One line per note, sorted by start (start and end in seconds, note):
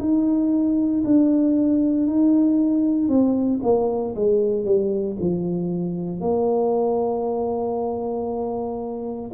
0.00 1.03 D#4
1.05 2.07 D4
2.07 3.08 D#4
3.08 3.60 C4
3.63 4.15 A#3
4.16 4.65 G#3
4.65 5.17 G3
5.20 6.21 F3
6.21 9.31 A#3